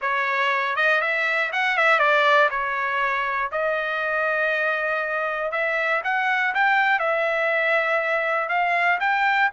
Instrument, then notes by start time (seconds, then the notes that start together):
trumpet
0.01 C#5
0.76 D#5
1.01 E5
1.52 F#5
1.77 E5
1.99 D5
2.50 C#5
3.51 D#5
5.51 E5
6.04 F#5
6.54 G5
6.99 E5
8.48 F5
9.00 G5